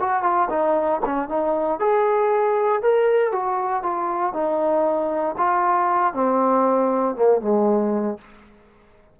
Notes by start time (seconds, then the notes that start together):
0.00 F#4
0.23 F4
0.49 D#4
1.05 C#4
1.29 D#4
1.79 G#4
2.82 A#4
3.32 F#4
3.83 F4
4.33 D#4
5.38 F4
6.14 C4
7.15 A#3
7.41 G#3